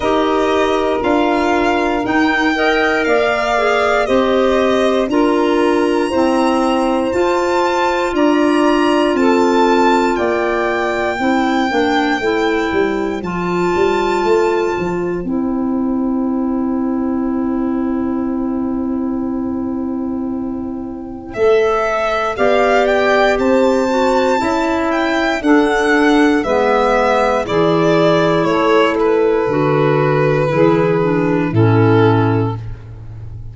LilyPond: <<
  \new Staff \with { instrumentName = "violin" } { \time 4/4 \tempo 4 = 59 dis''4 f''4 g''4 f''4 | dis''4 ais''2 a''4 | ais''4 a''4 g''2~ | g''4 a''2 g''4~ |
g''1~ | g''4 e''4 f''8 g''8 a''4~ | a''8 g''8 fis''4 e''4 d''4 | cis''8 b'2~ b'8 a'4 | }
  \new Staff \with { instrumentName = "saxophone" } { \time 4/4 ais'2~ ais'8 dis''8 d''4 | c''4 ais'4 c''2 | d''4 a'4 d''4 c''4~ | c''1~ |
c''1~ | c''2 d''4 c''4 | e''4 a'4 b'4 gis'4 | a'2 gis'4 e'4 | }
  \new Staff \with { instrumentName = "clarinet" } { \time 4/4 g'4 f'4 dis'8 ais'4 gis'8 | g'4 f'4 c'4 f'4~ | f'2. e'8 d'8 | e'4 f'2 e'4~ |
e'1~ | e'4 a'4 g'4. fis'8 | e'4 d'4 b4 e'4~ | e'4 fis'4 e'8 d'8 cis'4 | }
  \new Staff \with { instrumentName = "tuba" } { \time 4/4 dis'4 d'4 dis'4 ais4 | c'4 d'4 e'4 f'4 | d'4 c'4 ais4 c'8 ais8 | a8 g8 f8 g8 a8 f8 c'4~ |
c'1~ | c'4 a4 b4 c'4 | cis'4 d'4 gis4 e4 | a4 d4 e4 a,4 | }
>>